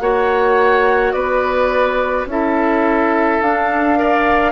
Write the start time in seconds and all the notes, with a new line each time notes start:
0.00 A#3 F#4 C#5 F#5
1.12 B3 B4 D5
2.25 C#4 E4 A4 E5
3.41 D4 F5
3.96 A#4 D5